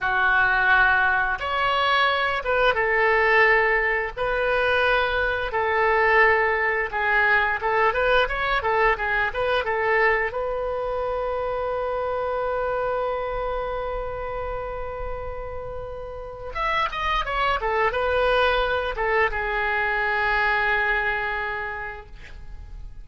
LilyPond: \new Staff \with { instrumentName = "oboe" } { \time 4/4 \tempo 4 = 87 fis'2 cis''4. b'8 | a'2 b'2 | a'2 gis'4 a'8 b'8 | cis''8 a'8 gis'8 b'8 a'4 b'4~ |
b'1~ | b'1 | e''8 dis''8 cis''8 a'8 b'4. a'8 | gis'1 | }